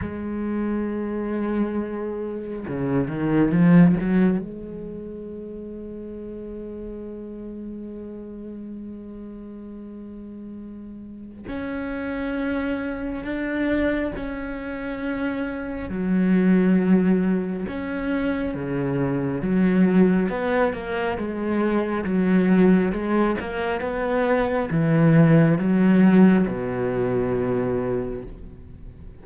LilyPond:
\new Staff \with { instrumentName = "cello" } { \time 4/4 \tempo 4 = 68 gis2. cis8 dis8 | f8 fis8 gis2.~ | gis1~ | gis4 cis'2 d'4 |
cis'2 fis2 | cis'4 cis4 fis4 b8 ais8 | gis4 fis4 gis8 ais8 b4 | e4 fis4 b,2 | }